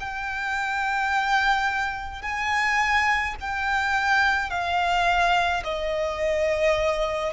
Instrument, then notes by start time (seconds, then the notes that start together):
violin
0.00 G5
2.22 G#5
3.40 G5
4.50 F5
5.64 D#5